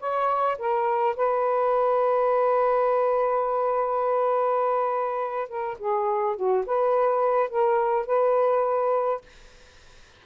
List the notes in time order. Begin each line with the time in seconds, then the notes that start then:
0.00 C#5
0.58 A#4
1.16 B4
5.49 A#4
5.79 G#4
6.36 F#4
6.66 B4
7.49 A#4
8.06 B4